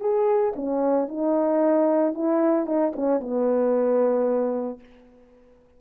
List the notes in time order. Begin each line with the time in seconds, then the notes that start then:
0.00 G#4
0.56 C#4
1.08 D#4
2.14 E4
2.66 D#4
2.96 C#4
3.20 B3